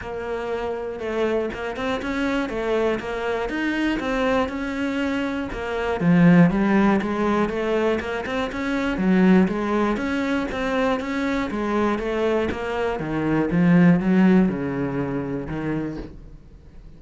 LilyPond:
\new Staff \with { instrumentName = "cello" } { \time 4/4 \tempo 4 = 120 ais2 a4 ais8 c'8 | cis'4 a4 ais4 dis'4 | c'4 cis'2 ais4 | f4 g4 gis4 a4 |
ais8 c'8 cis'4 fis4 gis4 | cis'4 c'4 cis'4 gis4 | a4 ais4 dis4 f4 | fis4 cis2 dis4 | }